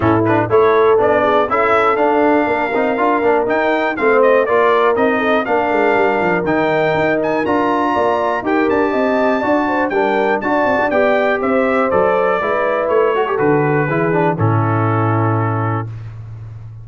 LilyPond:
<<
  \new Staff \with { instrumentName = "trumpet" } { \time 4/4 \tempo 4 = 121 a'8 b'8 cis''4 d''4 e''4 | f''2. g''4 | f''8 dis''8 d''4 dis''4 f''4~ | f''4 g''4. gis''8 ais''4~ |
ais''4 g''8 a''2~ a''8 | g''4 a''4 g''4 e''4 | d''2 cis''4 b'4~ | b'4 a'2. | }
  \new Staff \with { instrumentName = "horn" } { \time 4/4 e'4 a'4. gis'8 a'4~ | a'4 ais'2. | c''4 ais'4. a'8 ais'4~ | ais'1 |
d''4 ais'4 dis''4 d''8 c''8 | ais'4 d''2 c''4~ | c''4 b'4. a'4. | gis'4 e'2. | }
  \new Staff \with { instrumentName = "trombone" } { \time 4/4 cis'8 d'8 e'4 d'4 e'4 | d'4. dis'8 f'8 d'8 dis'4 | c'4 f'4 dis'4 d'4~ | d'4 dis'2 f'4~ |
f'4 g'2 fis'4 | d'4 fis'4 g'2 | a'4 e'4. fis'16 g'16 fis'4 | e'8 d'8 cis'2. | }
  \new Staff \with { instrumentName = "tuba" } { \time 4/4 a,4 a4 b4 cis'4 | d'4 ais8 c'8 d'8 ais8 dis'4 | a4 ais4 c'4 ais8 gis8 | g8 f8 dis4 dis'4 d'4 |
ais4 dis'8 d'8 c'4 d'4 | g4 d'8 c'16 d'16 b4 c'4 | fis4 gis4 a4 d4 | e4 a,2. | }
>>